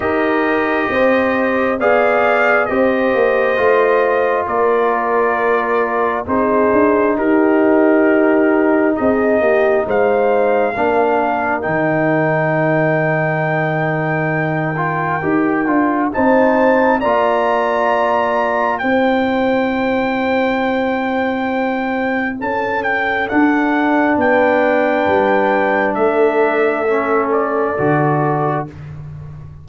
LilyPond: <<
  \new Staff \with { instrumentName = "trumpet" } { \time 4/4 \tempo 4 = 67 dis''2 f''4 dis''4~ | dis''4 d''2 c''4 | ais'2 dis''4 f''4~ | f''4 g''2.~ |
g''2 a''4 ais''4~ | ais''4 g''2.~ | g''4 a''8 g''8 fis''4 g''4~ | g''4 e''4. d''4. | }
  \new Staff \with { instrumentName = "horn" } { \time 4/4 ais'4 c''4 d''4 c''4~ | c''4 ais'2 gis'4 | g'2 gis'8 g'8 c''4 | ais'1~ |
ais'2 c''4 d''4~ | d''4 c''2.~ | c''4 a'2 b'4~ | b'4 a'2. | }
  \new Staff \with { instrumentName = "trombone" } { \time 4/4 g'2 gis'4 g'4 | f'2. dis'4~ | dis'1 | d'4 dis'2.~ |
dis'8 f'8 g'8 f'8 dis'4 f'4~ | f'4 e'2.~ | e'2 d'2~ | d'2 cis'4 fis'4 | }
  \new Staff \with { instrumentName = "tuba" } { \time 4/4 dis'4 c'4 b4 c'8 ais8 | a4 ais2 c'8 d'8 | dis'2 c'8 ais8 gis4 | ais4 dis2.~ |
dis4 dis'8 d'8 c'4 ais4~ | ais4 c'2.~ | c'4 cis'4 d'4 b4 | g4 a2 d4 | }
>>